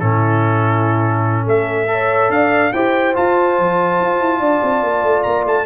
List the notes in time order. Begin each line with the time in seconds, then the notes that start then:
0.00 A2 C#4 E4 A4
1.44 A3 A4 E5
1.88 A4 C#5
2.30 D4 D5 F5
2.73 E4 G4 C5 G5
3.15 F4 A5
3.59 F3
4.00 F4
4.21 E4
4.40 D4 D5
4.63 C4
4.83 A#3
5.04 A3
5.24 A#3 A#5
5.45 A3 A5